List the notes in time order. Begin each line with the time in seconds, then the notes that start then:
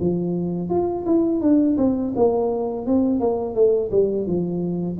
0.00 F3
0.69 F4
1.05 E4
1.41 D4
1.77 C4
2.15 A#3
2.86 C4
3.19 A#3
3.54 A3
3.91 G3
4.26 F3